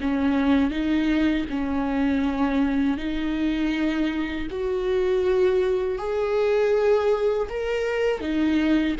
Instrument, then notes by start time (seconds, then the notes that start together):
viola
0.00 C#4
0.70 D#4
1.49 C#4
2.97 D#4
4.50 F#4
5.98 G#4
7.49 A#4
8.20 D#4